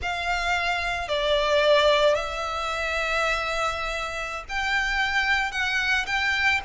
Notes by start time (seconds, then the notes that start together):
0.01 F5
1.08 D5
2.14 E5
4.48 G5
5.51 F#5
6.06 G5